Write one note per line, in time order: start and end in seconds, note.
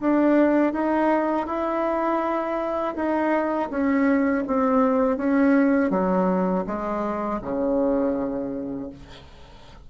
0.00 0.73 D4
0.73 1.47 D#4
1.47 2.95 E4
2.95 3.69 D#4
3.70 4.44 C#4
4.47 5.17 C4
5.17 5.91 C#4
5.91 6.65 F#3
6.67 7.41 G#3
7.42 8.90 C#3